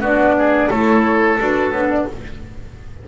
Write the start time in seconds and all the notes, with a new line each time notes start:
0.00 B3 D4 F#4 D5
0.38 G#4
0.69 A3 E4 A4 C#5
1.38 D4 F#4 B4
1.71 B3 D4 C#5
1.90 D5